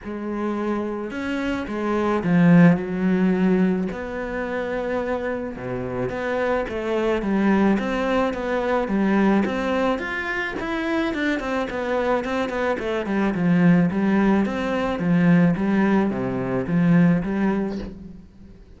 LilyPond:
\new Staff \with { instrumentName = "cello" } { \time 4/4 \tempo 4 = 108 gis2 cis'4 gis4 | f4 fis2 b4~ | b2 b,4 b4 | a4 g4 c'4 b4 |
g4 c'4 f'4 e'4 | d'8 c'8 b4 c'8 b8 a8 g8 | f4 g4 c'4 f4 | g4 c4 f4 g4 | }